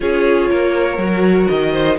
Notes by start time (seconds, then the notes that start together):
0.00 C#4 F4 G#4 C#5
0.50 A#3 A#4
0.97 F#3 F#4
1.48 D#3 D#5
1.72 C5